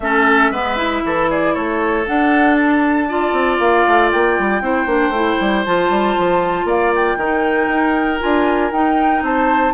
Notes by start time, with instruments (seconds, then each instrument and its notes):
0.00 bassoon A3, clarinet C#4, oboe A4, flute E5
0.50 bassoon G#3, clarinet B3, oboe B4
0.76 clarinet E4
1.04 bassoon E3, oboe A4
1.29 oboe G#4, flute D5
1.54 bassoon A3, oboe A4, flute C#5
2.06 clarinet D4, bassoon D4, flute F#5
2.55 flute A5
3.08 clarinet F4, oboe D5
3.32 bassoon C4
3.59 bassoon A#3, flute F5
3.87 bassoon A3
4.11 bassoon A#3, flute G5
4.38 bassoon G3
4.61 bassoon C4, clarinet E4, oboe C5
4.85 bassoon A#3, clarinet D4
5.09 bassoon A3, clarinet E4
5.40 bassoon G3
5.65 bassoon F3, clarinet F4, flute A5
5.90 bassoon G3
6.18 bassoon F3
6.64 bassoon A#3, oboe D5, flute F5
6.94 flute G5
7.16 bassoon D#3, clarinet D#4, oboe A#4
7.68 bassoon D#4
8.19 bassoon D4, clarinet F4, flute G#5
8.71 bassoon D#4, clarinet D#4, flute G5
9.22 bassoon C4, oboe C5, flute A5